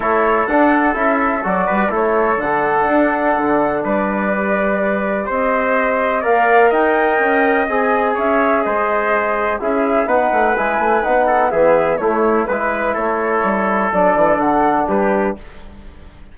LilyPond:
<<
  \new Staff \with { instrumentName = "flute" } { \time 4/4 \tempo 4 = 125 cis''4 fis''4 e''4 d''4 | cis''4 fis''2. | d''2. dis''4~ | dis''4 f''4 g''2 |
gis''4 e''4 dis''2 | e''4 fis''4 gis''4 fis''4 | e''4 cis''4 b'4 cis''4~ | cis''4 d''4 fis''4 b'4 | }
  \new Staff \with { instrumentName = "trumpet" } { \time 4/4 a'2.~ a'8 b'8 | a'1 | b'2. c''4~ | c''4 d''4 dis''2~ |
dis''4 cis''4 c''2 | gis'4 b'2~ b'8 a'8 | gis'4 e'4 b'4 a'4~ | a'2. g'4 | }
  \new Staff \with { instrumentName = "trombone" } { \time 4/4 e'4 d'4 e'4 fis'4 | e'4 d'2.~ | d'4 g'2.~ | g'4 ais'2. |
gis'1 | e'4 dis'4 e'4 dis'4 | b4 a4 e'2~ | e'4 d'2. | }
  \new Staff \with { instrumentName = "bassoon" } { \time 4/4 a4 d'4 cis'4 fis8 g8 | a4 d4 d'4 d4 | g2. c'4~ | c'4 ais4 dis'4 cis'4 |
c'4 cis'4 gis2 | cis'4 b8 a8 gis8 a8 b4 | e4 a4 gis4 a4 | g4 fis8 e8 d4 g4 | }
>>